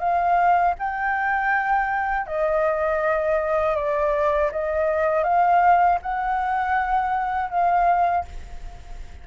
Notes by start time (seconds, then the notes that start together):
0.00 F5
0.79 G5
2.27 D#5
3.76 D5
4.52 D#5
5.24 F5
6.02 F#5
7.50 F5